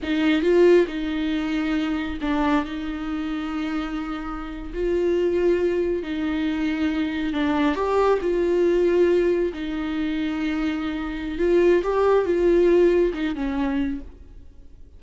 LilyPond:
\new Staff \with { instrumentName = "viola" } { \time 4/4 \tempo 4 = 137 dis'4 f'4 dis'2~ | dis'4 d'4 dis'2~ | dis'2~ dis'8. f'4~ f'16~ | f'4.~ f'16 dis'2~ dis'16~ |
dis'8. d'4 g'4 f'4~ f'16~ | f'4.~ f'16 dis'2~ dis'16~ | dis'2 f'4 g'4 | f'2 dis'8 cis'4. | }